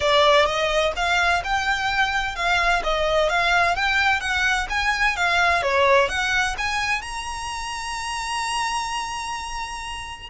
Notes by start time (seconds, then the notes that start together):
0.00 D5
0.45 D#5
0.95 F5
1.44 G5
2.35 F5
2.83 D#5
3.29 F5
3.75 G5
4.20 F#5
4.69 G#5
5.16 F5
5.62 C#5
6.08 F#5
6.58 G#5
7.01 A#5